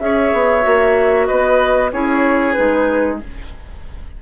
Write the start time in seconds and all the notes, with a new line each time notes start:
0.00 C#4 G#4 C#5 E5
0.34 B3
0.62 A#3 F#4
1.27 B3 B4 D#5
1.93 C#4 E4 G#4 C#5
2.53 G#3 D#4 B4